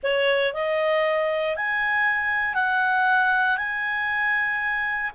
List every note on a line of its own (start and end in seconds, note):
0.03 0.53 C#5
0.53 1.56 D#5
1.56 2.54 G#5
2.54 3.57 F#5
3.57 5.11 G#5